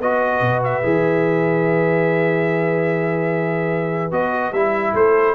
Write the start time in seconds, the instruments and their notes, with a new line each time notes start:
0.00 tuba B3, trombone F#4, horn B4, trumpet D#5
0.41 tuba B2
0.64 trumpet E5
0.83 tuba E3, trombone G#4
4.12 tuba B3, trombone F#4, trumpet D#5
4.53 tuba G3, trombone E4, trumpet E5
4.94 tuba A3, horn A4, trumpet C5